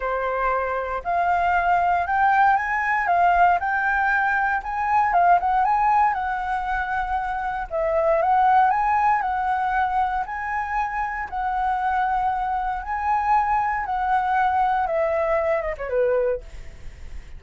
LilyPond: \new Staff \with { instrumentName = "flute" } { \time 4/4 \tempo 4 = 117 c''2 f''2 | g''4 gis''4 f''4 g''4~ | g''4 gis''4 f''8 fis''8 gis''4 | fis''2. e''4 |
fis''4 gis''4 fis''2 | gis''2 fis''2~ | fis''4 gis''2 fis''4~ | fis''4 e''4. dis''16 cis''16 b'4 | }